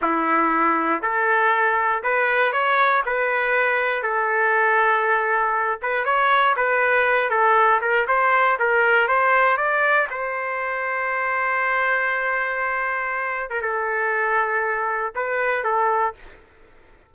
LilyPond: \new Staff \with { instrumentName = "trumpet" } { \time 4/4 \tempo 4 = 119 e'2 a'2 | b'4 cis''4 b'2 | a'2.~ a'8 b'8 | cis''4 b'4. a'4 ais'8 |
c''4 ais'4 c''4 d''4 | c''1~ | c''2~ c''8. ais'16 a'4~ | a'2 b'4 a'4 | }